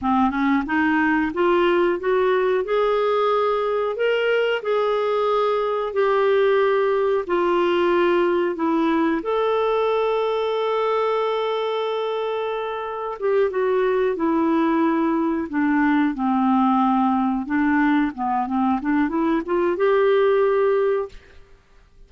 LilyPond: \new Staff \with { instrumentName = "clarinet" } { \time 4/4 \tempo 4 = 91 c'8 cis'8 dis'4 f'4 fis'4 | gis'2 ais'4 gis'4~ | gis'4 g'2 f'4~ | f'4 e'4 a'2~ |
a'1 | g'8 fis'4 e'2 d'8~ | d'8 c'2 d'4 b8 | c'8 d'8 e'8 f'8 g'2 | }